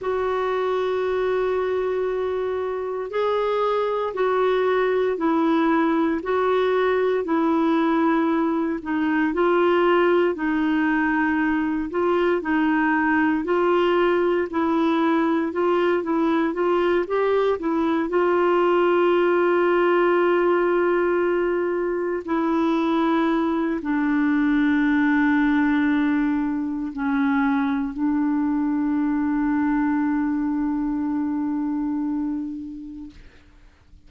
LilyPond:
\new Staff \with { instrumentName = "clarinet" } { \time 4/4 \tempo 4 = 58 fis'2. gis'4 | fis'4 e'4 fis'4 e'4~ | e'8 dis'8 f'4 dis'4. f'8 | dis'4 f'4 e'4 f'8 e'8 |
f'8 g'8 e'8 f'2~ f'8~ | f'4. e'4. d'4~ | d'2 cis'4 d'4~ | d'1 | }